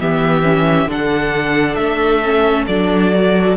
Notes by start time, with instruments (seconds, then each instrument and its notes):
0.00 cello E3, viola B3, violin G4 E5
0.43 viola C#4
0.87 cello D3, viola D4, violin A4 F#5
1.76 cello A3, violin E5
2.24 viola C#4
2.67 cello F#3, viola D4, violin D5
3.14 viola F#4